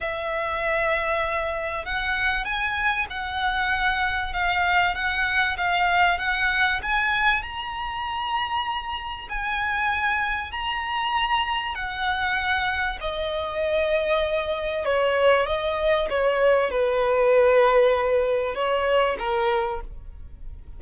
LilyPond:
\new Staff \with { instrumentName = "violin" } { \time 4/4 \tempo 4 = 97 e''2. fis''4 | gis''4 fis''2 f''4 | fis''4 f''4 fis''4 gis''4 | ais''2. gis''4~ |
gis''4 ais''2 fis''4~ | fis''4 dis''2. | cis''4 dis''4 cis''4 b'4~ | b'2 cis''4 ais'4 | }